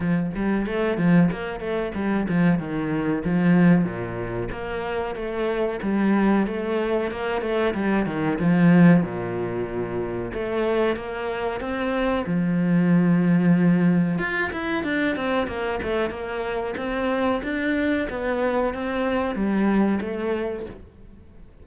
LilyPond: \new Staff \with { instrumentName = "cello" } { \time 4/4 \tempo 4 = 93 f8 g8 a8 f8 ais8 a8 g8 f8 | dis4 f4 ais,4 ais4 | a4 g4 a4 ais8 a8 | g8 dis8 f4 ais,2 |
a4 ais4 c'4 f4~ | f2 f'8 e'8 d'8 c'8 | ais8 a8 ais4 c'4 d'4 | b4 c'4 g4 a4 | }